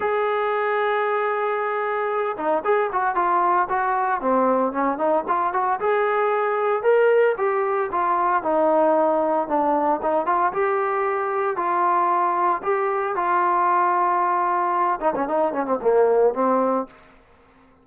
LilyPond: \new Staff \with { instrumentName = "trombone" } { \time 4/4 \tempo 4 = 114 gis'1~ | gis'8 dis'8 gis'8 fis'8 f'4 fis'4 | c'4 cis'8 dis'8 f'8 fis'8 gis'4~ | gis'4 ais'4 g'4 f'4 |
dis'2 d'4 dis'8 f'8 | g'2 f'2 | g'4 f'2.~ | f'8 dis'16 cis'16 dis'8 cis'16 c'16 ais4 c'4 | }